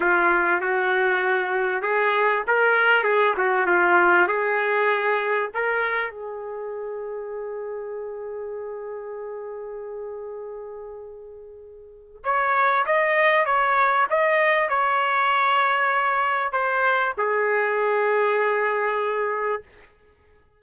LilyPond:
\new Staff \with { instrumentName = "trumpet" } { \time 4/4 \tempo 4 = 98 f'4 fis'2 gis'4 | ais'4 gis'8 fis'8 f'4 gis'4~ | gis'4 ais'4 gis'2~ | gis'1~ |
gis'1 | cis''4 dis''4 cis''4 dis''4 | cis''2. c''4 | gis'1 | }